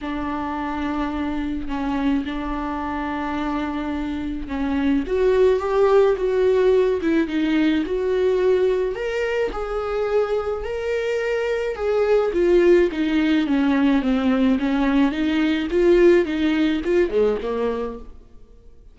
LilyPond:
\new Staff \with { instrumentName = "viola" } { \time 4/4 \tempo 4 = 107 d'2. cis'4 | d'1 | cis'4 fis'4 g'4 fis'4~ | fis'8 e'8 dis'4 fis'2 |
ais'4 gis'2 ais'4~ | ais'4 gis'4 f'4 dis'4 | cis'4 c'4 cis'4 dis'4 | f'4 dis'4 f'8 gis8 ais4 | }